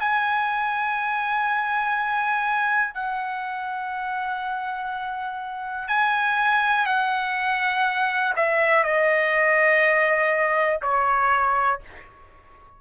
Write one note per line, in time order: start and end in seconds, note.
0.00 2.94 G#5
2.94 5.88 F#5
5.88 6.86 G#5
6.86 8.34 F#5
8.36 8.84 E5
8.84 10.81 D#5
10.82 11.81 C#5